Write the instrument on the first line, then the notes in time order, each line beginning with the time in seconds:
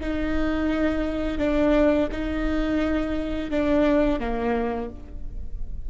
viola
0.00 D#4
1.38 D4
2.11 D#4
3.50 D4
4.20 A#3